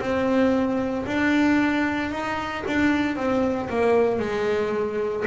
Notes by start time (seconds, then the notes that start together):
0.00 C4
1.06 D4
2.11 D#4
2.67 D4
3.16 C4
3.69 A#3
4.19 G#3